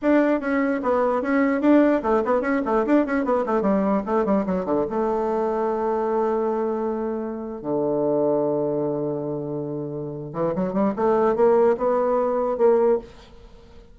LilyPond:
\new Staff \with { instrumentName = "bassoon" } { \time 4/4 \tempo 4 = 148 d'4 cis'4 b4 cis'4 | d'4 a8 b8 cis'8 a8 d'8 cis'8 | b8 a8 g4 a8 g8 fis8 d8 | a1~ |
a2~ a8. d4~ d16~ | d1~ | d4. e8 fis8 g8 a4 | ais4 b2 ais4 | }